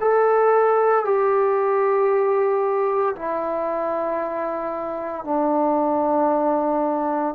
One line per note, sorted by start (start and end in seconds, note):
0.00 1.04 A4
1.04 3.15 G4
3.15 5.24 E4
5.24 7.34 D4